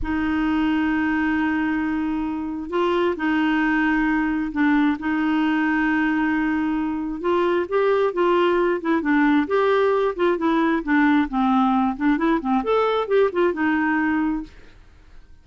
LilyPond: \new Staff \with { instrumentName = "clarinet" } { \time 4/4 \tempo 4 = 133 dis'1~ | dis'2 f'4 dis'4~ | dis'2 d'4 dis'4~ | dis'1 |
f'4 g'4 f'4. e'8 | d'4 g'4. f'8 e'4 | d'4 c'4. d'8 e'8 c'8 | a'4 g'8 f'8 dis'2 | }